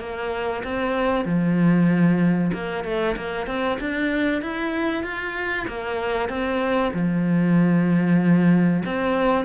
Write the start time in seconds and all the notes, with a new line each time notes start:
0.00 A#3
0.64 C4
1.25 F3
2.53 A#3
2.84 A3
3.17 A#3
3.47 C4
3.80 D4
4.42 E4
5.04 F4
5.68 A#3
6.29 C4
6.94 F3
8.86 C4